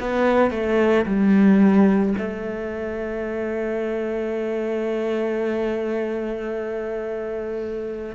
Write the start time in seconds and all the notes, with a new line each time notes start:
0.00 B3
0.50 A3
1.05 G3
2.17 A3